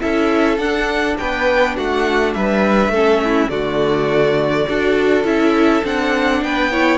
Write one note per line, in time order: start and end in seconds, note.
0.00 0.58 C#4
0.00 0.58 E4
0.00 1.18 A4
0.00 0.58 E5
0.58 1.16 D4
0.58 2.94 D4
0.58 1.16 F#5
1.18 1.77 B3
1.18 1.76 B4
1.18 1.76 G5
1.76 2.35 A3
1.76 2.34 F#4
1.76 2.33 F#5
2.33 2.88 G3
2.33 2.91 B4
2.33 3.50 E5
2.88 3.46 A3
2.88 3.20 A4
2.94 3.50 C#4
3.24 3.51 E4
3.50 4.67 D3
3.50 4.66 A3
3.50 4.67 F#4
3.50 5.25 D5
4.67 5.24 D4
4.67 5.24 F#4
4.67 6.42 A4
5.24 5.82 C#4
5.24 5.83 E4
5.24 5.84 E5
5.84 6.42 C4
5.84 6.71 D4
5.84 6.43 F#5
6.42 6.98 B3
6.42 6.71 B4
6.42 6.98 G5
6.71 6.98 E4
6.71 6.98 C#5